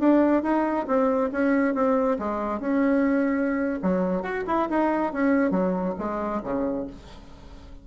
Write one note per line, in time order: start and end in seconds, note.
0.00 0.43 D4
0.43 0.87 D#4
0.87 1.31 C4
1.32 1.75 C#4
1.75 2.18 C4
2.19 2.60 G#3
2.60 3.80 C#4
3.83 4.23 F#3
4.23 4.44 F#4
4.47 4.69 E4
4.70 5.13 D#4
5.13 5.51 C#4
5.51 5.95 F#3
5.99 6.42 G#3
6.43 6.87 C#3